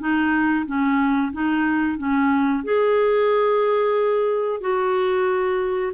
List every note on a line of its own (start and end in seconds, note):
0.00 0.66 D#4
0.67 1.33 C#4
1.33 1.98 D#4
1.98 2.64 C#4
2.64 4.61 G#4
4.61 5.93 F#4